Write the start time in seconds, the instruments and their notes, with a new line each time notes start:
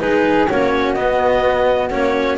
0.00 double bass G#3, cello D#4, flute G#4, clarinet B4
0.49 double bass A#3, cello C#4, flute F#4, clarinet C#5
0.94 cello B3, double bass B3, clarinet D#5
1.90 double bass A#3, cello C#4, clarinet C#5